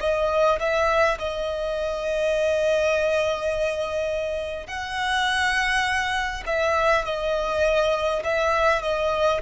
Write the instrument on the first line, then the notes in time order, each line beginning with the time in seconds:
violin
0.00 D#5
0.59 E5
1.18 D#5
4.67 F#5
6.46 E5
7.05 D#5
8.24 E5
8.82 D#5